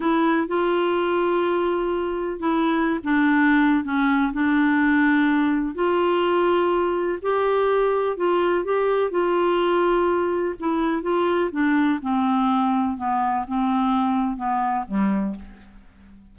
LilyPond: \new Staff \with { instrumentName = "clarinet" } { \time 4/4 \tempo 4 = 125 e'4 f'2.~ | f'4 e'4~ e'16 d'4.~ d'16 | cis'4 d'2. | f'2. g'4~ |
g'4 f'4 g'4 f'4~ | f'2 e'4 f'4 | d'4 c'2 b4 | c'2 b4 g4 | }